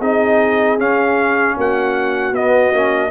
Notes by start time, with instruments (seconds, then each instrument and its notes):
0.00 tuba C4, trombone D#4, horn G#4, trumpet D#5
0.79 trombone C#4, tuba C#4, trumpet F5
1.57 tuba A#3, horn F#4, trumpet F#5
2.32 tuba B3, trombone B3, trumpet D#5
2.73 tuba A#3, trombone C#4